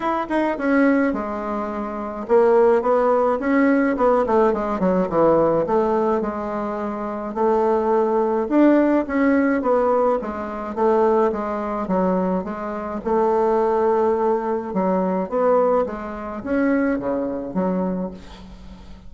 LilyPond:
\new Staff \with { instrumentName = "bassoon" } { \time 4/4 \tempo 4 = 106 e'8 dis'8 cis'4 gis2 | ais4 b4 cis'4 b8 a8 | gis8 fis8 e4 a4 gis4~ | gis4 a2 d'4 |
cis'4 b4 gis4 a4 | gis4 fis4 gis4 a4~ | a2 fis4 b4 | gis4 cis'4 cis4 fis4 | }